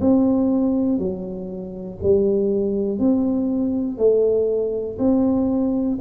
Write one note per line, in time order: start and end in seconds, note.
0.00 0.99 C4
0.99 1.99 F#3
2.02 2.99 G3
2.99 3.98 C4
3.98 4.98 A3
4.99 5.99 C4